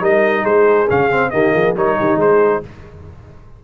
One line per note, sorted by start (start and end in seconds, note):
0.00 0.44 G3
0.00 0.87 D#4
0.00 0.42 A#4
0.00 0.45 D#5
0.42 0.88 G#3
0.42 1.29 G#4
0.42 0.88 C5
0.89 1.33 C#3
0.89 1.10 C#4
0.89 1.30 F5
1.10 1.32 C4
1.30 1.54 D#3
1.30 1.76 A#3
1.30 1.54 G4
1.30 1.73 D#5
1.54 1.75 F3
1.54 1.75 G#4
1.75 1.97 G3
1.75 2.63 D#4
1.75 1.97 A#4
1.75 2.20 C#5
1.97 2.16 D#3
1.97 2.18 G4
2.16 2.59 G#3
2.16 2.61 G#4
2.16 2.64 C5